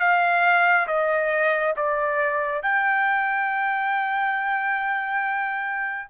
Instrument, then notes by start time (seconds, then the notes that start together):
trumpet
0.00 F5
0.87 D#5
1.77 D5
2.62 G5